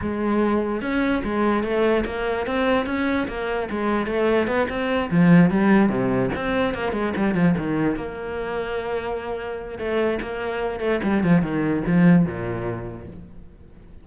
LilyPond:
\new Staff \with { instrumentName = "cello" } { \time 4/4 \tempo 4 = 147 gis2 cis'4 gis4 | a4 ais4 c'4 cis'4 | ais4 gis4 a4 b8 c'8~ | c'8 f4 g4 c4 c'8~ |
c'8 ais8 gis8 g8 f8 dis4 ais8~ | ais1 | a4 ais4. a8 g8 f8 | dis4 f4 ais,2 | }